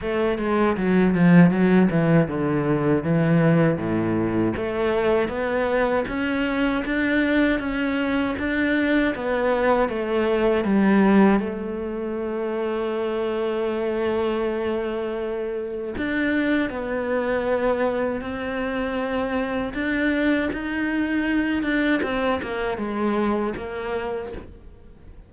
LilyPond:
\new Staff \with { instrumentName = "cello" } { \time 4/4 \tempo 4 = 79 a8 gis8 fis8 f8 fis8 e8 d4 | e4 a,4 a4 b4 | cis'4 d'4 cis'4 d'4 | b4 a4 g4 a4~ |
a1~ | a4 d'4 b2 | c'2 d'4 dis'4~ | dis'8 d'8 c'8 ais8 gis4 ais4 | }